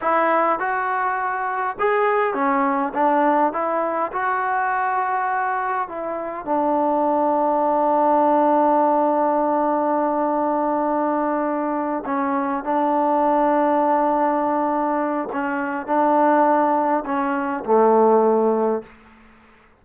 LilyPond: \new Staff \with { instrumentName = "trombone" } { \time 4/4 \tempo 4 = 102 e'4 fis'2 gis'4 | cis'4 d'4 e'4 fis'4~ | fis'2 e'4 d'4~ | d'1~ |
d'1~ | d'8 cis'4 d'2~ d'8~ | d'2 cis'4 d'4~ | d'4 cis'4 a2 | }